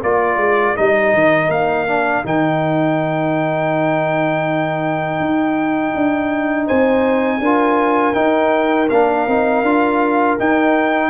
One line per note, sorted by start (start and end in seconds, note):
0.00 0.37 A#3
0.00 0.76 F4
0.00 6.66 A#4
0.00 0.77 D5
0.37 0.74 G#3
0.76 1.14 G3
0.76 1.87 D#4
0.76 1.51 D#5
1.14 1.49 D#3
1.49 2.23 A#3
1.49 2.25 F5
1.87 2.24 D4
2.24 5.20 D#3
2.24 7.42 D#4
2.24 6.68 G5
5.20 5.94 D#4
5.95 6.69 D4
6.66 7.40 C4
6.66 7.40 C5
6.66 8.14 G#5
7.40 8.14 D4
7.40 8.14 F4
7.40 11.10 A#4
8.14 8.88 D#4
8.14 8.90 D#4
8.14 8.88 G5
8.90 9.27 A#3
8.90 9.29 D4
8.90 10.38 F5
9.27 9.62 C4
9.27 9.65 D#4
9.62 10.37 D4
9.62 10.39 F4
10.39 11.10 D#4
10.39 11.10 G5